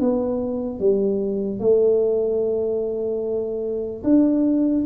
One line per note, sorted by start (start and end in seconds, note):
0.00 0.80 B3
0.80 1.60 G3
1.60 4.03 A3
4.04 4.85 D4